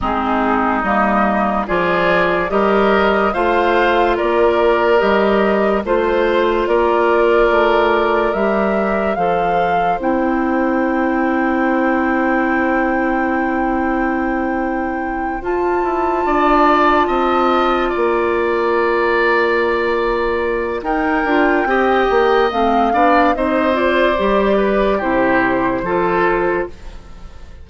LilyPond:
<<
  \new Staff \with { instrumentName = "flute" } { \time 4/4 \tempo 4 = 72 gis'4 dis''4 d''4 dis''4 | f''4 d''4 dis''4 c''4 | d''2 e''4 f''4 | g''1~ |
g''2~ g''8 a''4.~ | a''4. ais''2~ ais''8~ | ais''4 g''2 f''4 | dis''8 d''4. c''2 | }
  \new Staff \with { instrumentName = "oboe" } { \time 4/4 dis'2 gis'4 ais'4 | c''4 ais'2 c''4 | ais'2. c''4~ | c''1~ |
c''2.~ c''8 d''8~ | d''8 dis''4 d''2~ d''8~ | d''4 ais'4 dis''4. d''8 | c''4. b'8 g'4 a'4 | }
  \new Staff \with { instrumentName = "clarinet" } { \time 4/4 c'4 ais4 f'4 g'4 | f'2 g'4 f'4~ | f'2 g'4 a'4 | e'1~ |
e'2~ e'8 f'4.~ | f'1~ | f'4 dis'8 f'8 g'4 c'8 d'8 | dis'8 f'8 g'4 e'4 f'4 | }
  \new Staff \with { instrumentName = "bassoon" } { \time 4/4 gis4 g4 f4 g4 | a4 ais4 g4 a4 | ais4 a4 g4 f4 | c'1~ |
c'2~ c'8 f'8 e'8 d'8~ | d'8 c'4 ais2~ ais8~ | ais4 dis'8 d'8 c'8 ais8 a8 b8 | c'4 g4 c4 f4 | }
>>